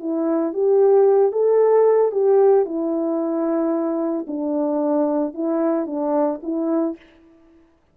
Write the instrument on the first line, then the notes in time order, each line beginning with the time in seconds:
horn
0.00 E4
0.54 G4
1.33 A4
2.12 G4
2.66 E4
4.28 D4
5.34 E4
5.87 D4
6.43 E4